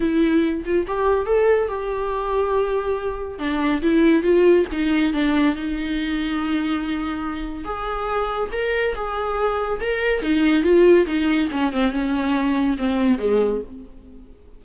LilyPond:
\new Staff \with { instrumentName = "viola" } { \time 4/4 \tempo 4 = 141 e'4. f'8 g'4 a'4 | g'1 | d'4 e'4 f'4 dis'4 | d'4 dis'2.~ |
dis'2 gis'2 | ais'4 gis'2 ais'4 | dis'4 f'4 dis'4 cis'8 c'8 | cis'2 c'4 gis4 | }